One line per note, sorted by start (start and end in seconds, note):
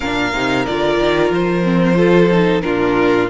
0.00 0.33 A#2
0.00 0.33 D4
0.00 1.97 A#4
0.00 0.65 F5
0.33 0.66 C3
0.33 0.66 D#4
0.65 0.98 D3
0.65 1.63 F4
0.65 1.31 D5
0.98 1.30 D#3
1.30 2.62 F3
1.30 2.61 C5
1.63 1.94 C4
1.94 2.27 F4
1.94 2.62 A4
2.31 2.62 D#4
2.61 3.29 A#2
2.61 3.28 D4
2.61 3.29 F4
2.61 3.27 A#4